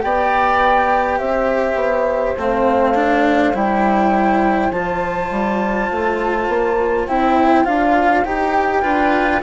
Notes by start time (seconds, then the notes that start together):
0.00 B3 G4 D5 G5
1.18 C4 C5 E5
1.74 B3
2.37 A3 C4 F5
2.94 D4
3.53 G3 E4 G5
4.70 F3 F4 A5
5.30 G3
5.91 A3
6.48 A#3
7.07 C4 E4 G5
7.64 D4 F4 F5
8.24 D#4 G4 G5
8.82 D4 F4 B4